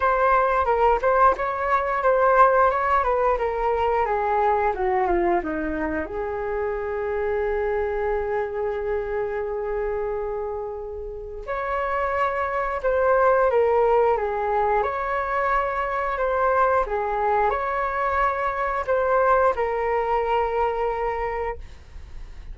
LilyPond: \new Staff \with { instrumentName = "flute" } { \time 4/4 \tempo 4 = 89 c''4 ais'8 c''8 cis''4 c''4 | cis''8 b'8 ais'4 gis'4 fis'8 f'8 | dis'4 gis'2.~ | gis'1~ |
gis'4 cis''2 c''4 | ais'4 gis'4 cis''2 | c''4 gis'4 cis''2 | c''4 ais'2. | }